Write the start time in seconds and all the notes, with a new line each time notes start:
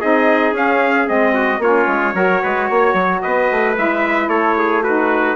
0.00 C4 D#4 G#4 D#5
0.52 C#4 F5
1.06 G#3 C4 D#5
1.34 F#4
1.59 A#3 C#4 F4 C#5
1.87 G#3
2.14 F#3 F#4 A#4
2.43 G#3 B4
2.68 A#3 C#5
2.94 F#3
3.22 B3 B4 D#5
3.51 A3
3.76 G#3 E4 E5
4.28 A3 A4 C#5
4.58 G#4
4.83 D#4 F#4 B4